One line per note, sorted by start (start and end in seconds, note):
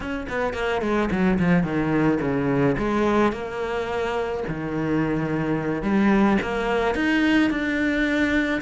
0.00 0.26 C#4
0.29 0.53 B3
0.53 0.81 A#3
0.81 1.09 G#3
1.11 1.39 F#3
1.39 1.63 F3
1.63 2.18 D#3
2.20 2.76 C#3
2.78 3.32 G#3
3.32 4.43 A#3
4.47 5.82 D#3
5.82 6.38 G3
6.41 6.94 A#3
6.94 7.50 D#4
7.50 8.61 D4